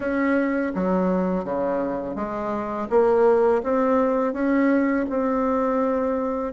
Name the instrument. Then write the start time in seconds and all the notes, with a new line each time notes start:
bassoon
0.00 C#4
0.74 F#3
1.44 C#3
2.15 G#3
2.89 A#3
3.63 C4
4.33 C#4
5.09 C4